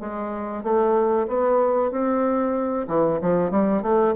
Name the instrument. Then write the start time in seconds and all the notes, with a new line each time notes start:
bassoon
0.00 G#3
0.63 A3
1.28 B3
1.91 C4
2.88 E3
3.21 F3
3.51 G3
3.82 A3